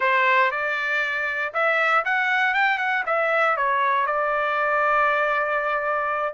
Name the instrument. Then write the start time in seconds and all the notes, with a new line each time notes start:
trumpet
0.00 C5
0.51 D5
1.53 E5
2.04 F#5
2.54 G5
2.78 F#5
3.06 E5
3.56 C#5
4.06 D5